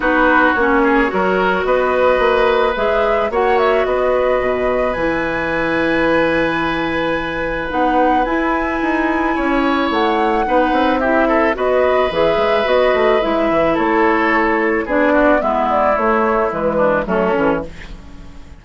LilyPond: <<
  \new Staff \with { instrumentName = "flute" } { \time 4/4 \tempo 4 = 109 b'4 cis''2 dis''4~ | dis''4 e''4 fis''8 e''8 dis''4~ | dis''4 gis''2.~ | gis''2 fis''4 gis''4~ |
gis''2 fis''2 | e''4 dis''4 e''4 dis''4 | e''4 cis''2 d''4 | e''8 d''8 cis''4 b'4 a'4 | }
  \new Staff \with { instrumentName = "oboe" } { \time 4/4 fis'4. gis'8 ais'4 b'4~ | b'2 cis''4 b'4~ | b'1~ | b'1~ |
b'4 cis''2 b'4 | g'8 a'8 b'2.~ | b'4 a'2 gis'8 fis'8 | e'2~ e'8 d'8 cis'4 | }
  \new Staff \with { instrumentName = "clarinet" } { \time 4/4 dis'4 cis'4 fis'2~ | fis'4 gis'4 fis'2~ | fis'4 e'2.~ | e'2 dis'4 e'4~ |
e'2. dis'4 | e'4 fis'4 gis'4 fis'4 | e'2. d'4 | b4 a4 gis4 a8 cis'8 | }
  \new Staff \with { instrumentName = "bassoon" } { \time 4/4 b4 ais4 fis4 b4 | ais4 gis4 ais4 b4 | b,4 e2.~ | e2 b4 e'4 |
dis'4 cis'4 a4 b8 c'8~ | c'4 b4 e8 gis8 b8 a8 | gis8 e8 a2 b4 | gis4 a4 e4 fis8 e8 | }
>>